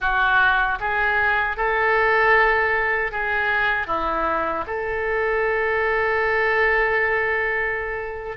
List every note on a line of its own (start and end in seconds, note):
0.00 0.78 F#4
0.80 1.57 G#4
1.57 3.11 A4
3.11 3.86 G#4
3.86 4.64 E4
4.66 8.37 A4